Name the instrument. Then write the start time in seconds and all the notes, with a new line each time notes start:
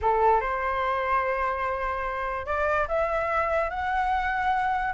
flute
0.01 A4
0.40 C5
2.46 D5
2.88 E5
3.70 F#5